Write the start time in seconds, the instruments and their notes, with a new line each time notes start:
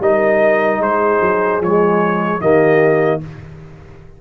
0.00 tuba G3, trombone D#4, horn A#4, trumpet D#5
0.80 tuba G#3, horn G#4, trumpet C5
1.21 tuba F#3
1.60 tuba F3, trombone G#3, trumpet C#5
2.41 tuba D#3, trombone A#3, horn G4, trumpet D#5